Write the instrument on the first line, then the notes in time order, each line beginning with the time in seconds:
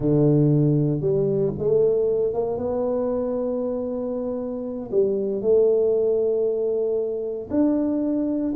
tuba
0.00 D3
1.00 G3
1.58 A3
2.33 A#3
2.57 B3
4.91 G3
5.41 A3
7.50 D4